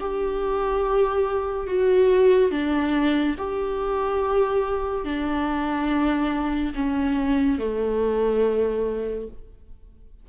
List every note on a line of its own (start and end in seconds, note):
0.00 1.67 G4
1.67 2.51 F#4
2.51 3.35 D4
3.38 5.05 G4
5.05 6.74 D4
6.75 7.59 C#4
7.59 9.28 A3